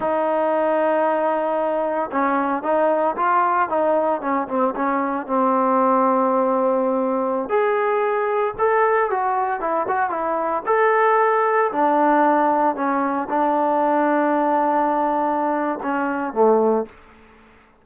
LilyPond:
\new Staff \with { instrumentName = "trombone" } { \time 4/4 \tempo 4 = 114 dis'1 | cis'4 dis'4 f'4 dis'4 | cis'8 c'8 cis'4 c'2~ | c'2~ c'16 gis'4.~ gis'16~ |
gis'16 a'4 fis'4 e'8 fis'8 e'8.~ | e'16 a'2 d'4.~ d'16~ | d'16 cis'4 d'2~ d'8.~ | d'2 cis'4 a4 | }